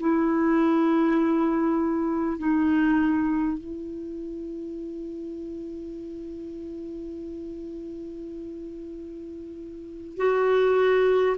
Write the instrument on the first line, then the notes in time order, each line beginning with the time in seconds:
clarinet
0.00 E4
2.39 D#4
3.59 E4
10.17 F#4